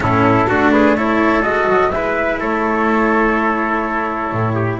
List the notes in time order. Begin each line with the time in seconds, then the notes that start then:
0.00 A2 C#4 E4 A4
0.48 A3 D4 F#4
0.71 G#4 B4
0.96 E4 A4 C#5
1.42 G#3 F#4 D#5
1.68 F#3
1.90 G#3 E4 B4 E5
2.39 A3 A4 C#5
4.32 A2
4.54 G4